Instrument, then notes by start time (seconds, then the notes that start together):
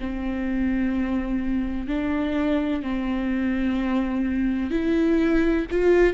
viola
0.00 C4
1.87 D4
2.83 C4
4.71 E4
5.71 F4